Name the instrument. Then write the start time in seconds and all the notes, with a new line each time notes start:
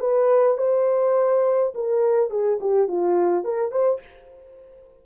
horn
0.00 B4
0.58 C5
1.75 A#4
2.31 G#4
2.61 G4
2.88 F4
3.45 A#4
3.72 C5